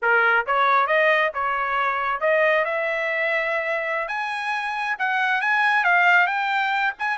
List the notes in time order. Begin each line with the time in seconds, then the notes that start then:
0.01 A#4
0.46 C#5
0.87 D#5
1.34 C#5
2.20 D#5
2.65 E5
4.08 G#5
4.98 F#5
5.41 G#5
5.84 F5
6.26 G5
6.98 G#5